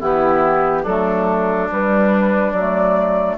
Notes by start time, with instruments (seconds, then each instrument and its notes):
0.00 bassoon E3, clarinet B3, oboe E4, flute G4
0.83 bassoon F#3, clarinet A3, oboe D4, flute A4
1.69 clarinet G3, bassoon G3, flute B4
2.52 bassoon F#3, clarinet A3, flute D5